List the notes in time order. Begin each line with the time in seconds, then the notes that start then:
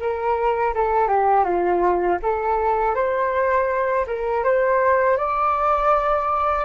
0.00 A#4
0.74 A4
1.08 G4
1.44 F4
2.22 A4
2.95 C5
4.07 A#4
4.44 C5
5.18 D5